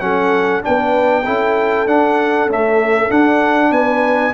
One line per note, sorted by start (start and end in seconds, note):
0.00 0.63 F#3
0.00 0.62 C#4
0.00 0.65 A4
0.00 0.62 F#5
0.62 1.28 B3
0.62 1.24 D4
0.62 1.25 B4
0.62 1.88 G5
1.25 1.87 C#4
1.25 1.87 E4
1.25 3.72 A4
1.87 2.47 D4
1.87 2.49 D4
1.87 2.49 F#5
2.47 3.10 A3
2.47 3.09 C#4
2.47 3.11 E5
3.10 4.34 D4
3.10 3.71 D4
3.10 3.73 F#5
3.71 4.33 B3
3.71 4.34 B4
3.71 4.34 G#5